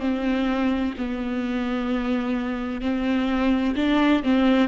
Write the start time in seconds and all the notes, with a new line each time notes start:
0.00 C4
0.98 B3
2.81 C4
3.76 D4
4.23 C4